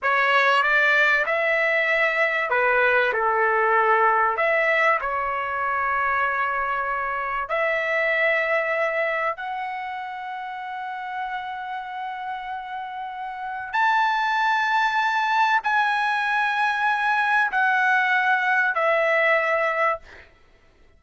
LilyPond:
\new Staff \with { instrumentName = "trumpet" } { \time 4/4 \tempo 4 = 96 cis''4 d''4 e''2 | b'4 a'2 e''4 | cis''1 | e''2. fis''4~ |
fis''1~ | fis''2 a''2~ | a''4 gis''2. | fis''2 e''2 | }